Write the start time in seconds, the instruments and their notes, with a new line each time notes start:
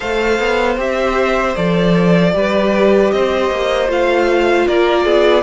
0.00 cello A3, viola A4, violin C5 F5
0.39 cello B3
0.77 cello C4, viola G4, violin E5
1.55 cello F3, viola A4, violin D5
2.33 cello G3, viola G4, violin B4
3.11 cello C4, violin C5 D#5
3.50 cello A#3
3.88 cello A3, viola F4, violin F5
4.67 cello A#3, violin A#4 D5
5.05 cello B3, violin G#4